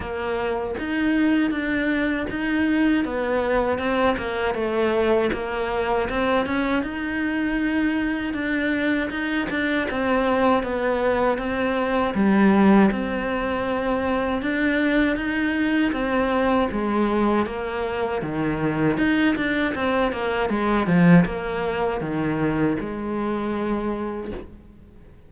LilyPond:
\new Staff \with { instrumentName = "cello" } { \time 4/4 \tempo 4 = 79 ais4 dis'4 d'4 dis'4 | b4 c'8 ais8 a4 ais4 | c'8 cis'8 dis'2 d'4 | dis'8 d'8 c'4 b4 c'4 |
g4 c'2 d'4 | dis'4 c'4 gis4 ais4 | dis4 dis'8 d'8 c'8 ais8 gis8 f8 | ais4 dis4 gis2 | }